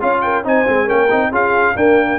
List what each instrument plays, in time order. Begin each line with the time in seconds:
0.00 tuba C#4, trombone F4, horn C#5, trumpet F5
0.21 horn A#4, trumpet G5
0.44 tuba C4, trombone D#4, horn C5, trumpet G#5
0.67 tuba G#3, trombone C4
0.84 tuba A#3, trombone C#4, horn A#4, trumpet G5
1.10 tuba C4, trombone D#4
1.31 tuba C#4, trombone F4, horn G#4, trumpet F5
1.75 trombone A#3, tuba D4, horn A#4, trumpet G5